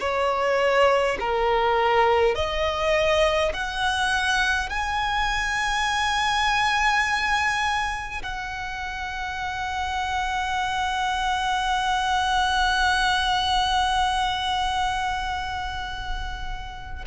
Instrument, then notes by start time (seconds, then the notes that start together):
violin
0.00 C#5
1.20 A#4
2.35 D#5
3.53 F#5
4.70 G#5
8.22 F#5